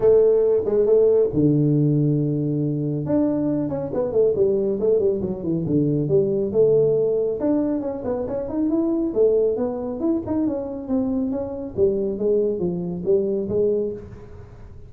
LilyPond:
\new Staff \with { instrumentName = "tuba" } { \time 4/4 \tempo 4 = 138 a4. gis8 a4 d4~ | d2. d'4~ | d'8 cis'8 b8 a8 g4 a8 g8 | fis8 e8 d4 g4 a4~ |
a4 d'4 cis'8 b8 cis'8 dis'8 | e'4 a4 b4 e'8 dis'8 | cis'4 c'4 cis'4 g4 | gis4 f4 g4 gis4 | }